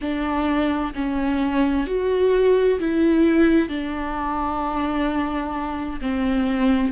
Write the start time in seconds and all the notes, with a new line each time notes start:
0.01 D4
0.94 C#4
1.86 F#4
2.79 E4
3.68 D4
6.01 C4